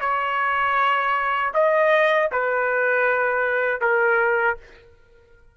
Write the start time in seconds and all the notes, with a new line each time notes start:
0.00 C#5
1.54 D#5
2.31 B4
3.80 A#4